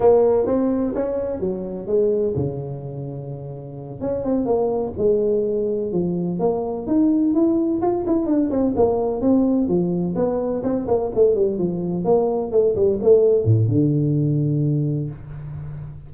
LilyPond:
\new Staff \with { instrumentName = "tuba" } { \time 4/4 \tempo 4 = 127 ais4 c'4 cis'4 fis4 | gis4 cis2.~ | cis8 cis'8 c'8 ais4 gis4.~ | gis8 f4 ais4 dis'4 e'8~ |
e'8 f'8 e'8 d'8 c'8 ais4 c'8~ | c'8 f4 b4 c'8 ais8 a8 | g8 f4 ais4 a8 g8 a8~ | a8 a,8 d2. | }